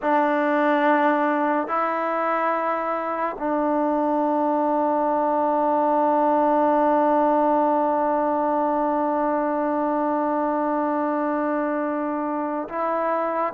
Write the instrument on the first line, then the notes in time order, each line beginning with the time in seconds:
trombone
0.02 D4
1.67 E4
3.38 D4
12.68 E4